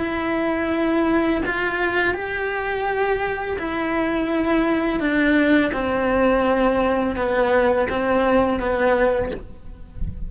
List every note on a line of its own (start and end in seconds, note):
0.00 1.43 E4
1.46 2.15 F4
2.15 3.57 G4
3.59 5.00 E4
5.00 5.72 D4
5.74 7.17 C4
7.17 7.88 B3
7.90 8.60 C4
8.60 9.31 B3